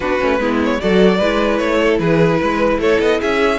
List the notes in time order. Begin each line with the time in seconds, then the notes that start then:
0.00 B3 D4 F#4 B4
0.20 A3 C#4
0.39 G#3 B3 E4
0.63 C#5
0.80 F#3 F#4 A4 D5
1.17 G#3 E4 B4
1.57 A3 C#5
1.80 A4
1.99 E3 G#4 B4
2.40 G#3 B4
2.78 A3 A4 C#5
2.99 B3 D#5
3.20 C#4 G#4 E5